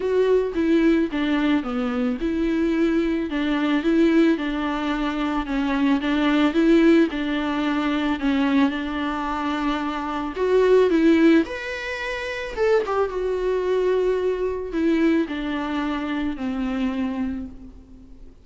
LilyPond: \new Staff \with { instrumentName = "viola" } { \time 4/4 \tempo 4 = 110 fis'4 e'4 d'4 b4 | e'2 d'4 e'4 | d'2 cis'4 d'4 | e'4 d'2 cis'4 |
d'2. fis'4 | e'4 b'2 a'8 g'8 | fis'2. e'4 | d'2 c'2 | }